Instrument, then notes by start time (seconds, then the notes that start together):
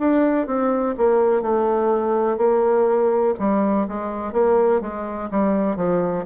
bassoon
0.00 D4
0.47 C4
0.98 A#3
1.42 A3
2.38 A#3
3.40 G3
3.88 G#3
4.33 A#3
4.82 G#3
5.31 G3
5.77 F3